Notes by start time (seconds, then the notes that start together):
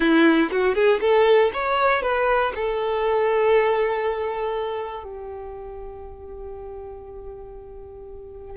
0.00 E4
0.51 F#4
0.74 G#4
1.00 A4
1.53 C#5
2.02 B4
2.55 A4
5.03 G4